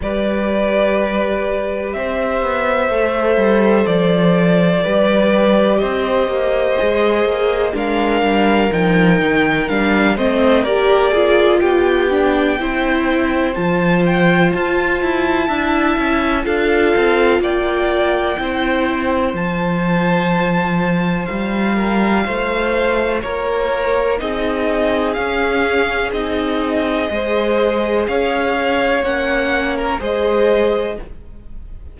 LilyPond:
<<
  \new Staff \with { instrumentName = "violin" } { \time 4/4 \tempo 4 = 62 d''2 e''2 | d''2 dis''2 | f''4 g''4 f''8 dis''8 d''4 | g''2 a''8 g''8 a''4~ |
a''4 f''4 g''2 | a''2 f''2 | cis''4 dis''4 f''4 dis''4~ | dis''4 f''4 fis''8. ais'16 dis''4 | }
  \new Staff \with { instrumentName = "violin" } { \time 4/4 b'2 c''2~ | c''4 b'4 c''2 | ais'2~ ais'8 c''8 ais'8 gis'8 | g'4 c''2. |
e''4 a'4 d''4 c''4~ | c''2~ c''8 ais'8 c''4 | ais'4 gis'2. | c''4 cis''2 c''4 | }
  \new Staff \with { instrumentName = "viola" } { \time 4/4 g'2. a'4~ | a'4 g'2 gis'4 | d'4 dis'4 d'8 c'8 g'8 f'8~ | f'8 d'8 e'4 f'2 |
e'4 f'2 e'4 | f'1~ | f'4 dis'4 cis'4 dis'4 | gis'2 cis'4 gis'4 | }
  \new Staff \with { instrumentName = "cello" } { \time 4/4 g2 c'8 b8 a8 g8 | f4 g4 c'8 ais8 gis8 ais8 | gis8 g8 f8 dis8 g8 a8 ais4 | b4 c'4 f4 f'8 e'8 |
d'8 cis'8 d'8 c'8 ais4 c'4 | f2 g4 a4 | ais4 c'4 cis'4 c'4 | gis4 cis'4 ais4 gis4 | }
>>